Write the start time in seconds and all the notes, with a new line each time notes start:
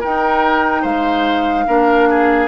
0.00 D#4 A#4 G5
0.82 G#3 C5 F5
1.67 A#3 D4 A#4
2.10 G#4